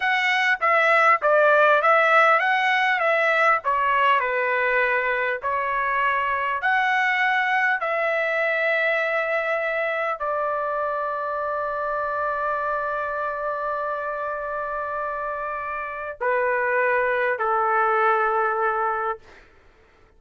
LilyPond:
\new Staff \with { instrumentName = "trumpet" } { \time 4/4 \tempo 4 = 100 fis''4 e''4 d''4 e''4 | fis''4 e''4 cis''4 b'4~ | b'4 cis''2 fis''4~ | fis''4 e''2.~ |
e''4 d''2.~ | d''1~ | d''2. b'4~ | b'4 a'2. | }